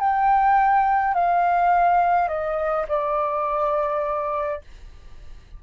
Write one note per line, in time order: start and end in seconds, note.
0.00 1.14 G5
1.14 2.28 F5
2.28 2.85 D#5
2.88 4.62 D5